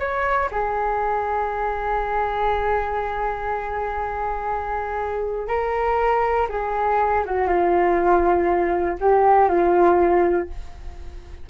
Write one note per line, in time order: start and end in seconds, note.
0.00 0.50 C#5
0.51 5.48 G#4
5.48 6.48 A#4
6.50 7.25 G#4
7.26 7.48 F#4
7.48 8.98 F4
9.01 9.49 G4
9.49 10.49 F4